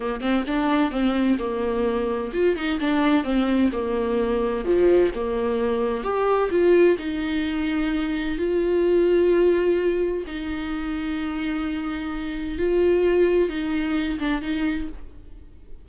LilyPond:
\new Staff \with { instrumentName = "viola" } { \time 4/4 \tempo 4 = 129 ais8 c'8 d'4 c'4 ais4~ | ais4 f'8 dis'8 d'4 c'4 | ais2 f4 ais4~ | ais4 g'4 f'4 dis'4~ |
dis'2 f'2~ | f'2 dis'2~ | dis'2. f'4~ | f'4 dis'4. d'8 dis'4 | }